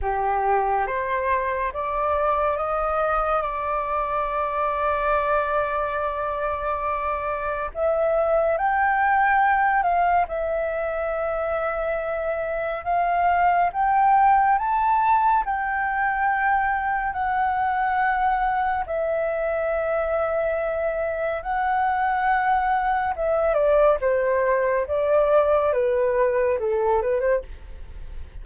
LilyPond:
\new Staff \with { instrumentName = "flute" } { \time 4/4 \tempo 4 = 70 g'4 c''4 d''4 dis''4 | d''1~ | d''4 e''4 g''4. f''8 | e''2. f''4 |
g''4 a''4 g''2 | fis''2 e''2~ | e''4 fis''2 e''8 d''8 | c''4 d''4 b'4 a'8 b'16 c''16 | }